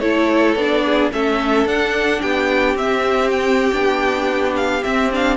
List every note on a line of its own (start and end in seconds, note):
0.00 0.56 A3
0.00 0.57 E4
0.00 0.84 A4
0.00 0.55 C#5
0.55 1.11 B3
0.55 1.12 D4
0.55 1.10 D5
0.85 1.12 G#4
1.12 1.66 A3
1.12 1.67 C#4
1.12 2.21 A4
1.12 1.68 E5
1.66 2.21 D4
1.66 2.77 D4
1.66 2.21 F#5
2.21 2.75 B3
2.21 5.37 G4
2.21 2.76 G5
2.75 3.71 C4
2.75 3.72 C4
2.75 3.30 E5
3.30 4.54 G5
3.72 4.83 B3
3.72 4.82 D4
4.56 4.84 F5
4.83 5.10 C4
4.83 5.37 C4
4.83 5.11 E5
5.11 5.37 D4
5.11 5.37 F5